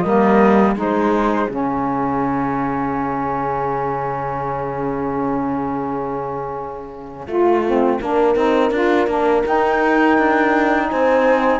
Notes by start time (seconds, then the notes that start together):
0.00 G3 A#3 A#4 D#5
0.75 G#3 D#4 G#4 C5
1.49 C#3 C#4 F5
7.27 A3 F4
7.66 C4
8.00 A#3 D4 A#4
8.35 C4 D#4
8.71 D4 F4
9.07 A#3 D4
9.44 D#4 G5
10.18 D4
10.90 C4 C5 G#5